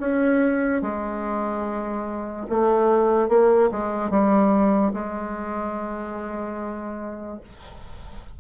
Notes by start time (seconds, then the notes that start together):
0.00 C#4
0.82 G#3
2.50 A3
3.29 A#3
3.71 G#3
4.11 G3
4.94 G#3